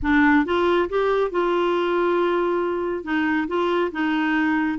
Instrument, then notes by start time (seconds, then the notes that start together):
clarinet
0.02 D4
0.45 F4
0.89 G4
1.30 F4
3.03 D#4
3.47 F4
3.91 D#4